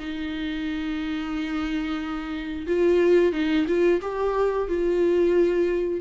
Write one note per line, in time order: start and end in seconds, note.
0.00 2.67 D#4
2.67 3.33 F4
3.33 3.66 D#4
3.68 4.01 F4
4.02 4.68 G4
4.69 6.01 F4